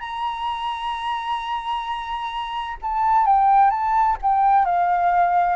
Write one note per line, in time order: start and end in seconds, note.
0.00 2.77 A#5
2.82 3.26 A5
3.26 3.70 G5
3.70 4.17 A5
4.22 4.65 G5
4.65 5.56 F5